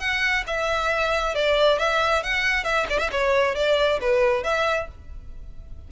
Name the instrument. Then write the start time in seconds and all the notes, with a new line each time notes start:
violin
0.00 F#5
0.47 E5
1.35 D5
1.79 E5
2.24 F#5
2.65 E5
2.90 D5
2.99 E5
3.12 C#5
3.56 D5
4.01 B4
4.44 E5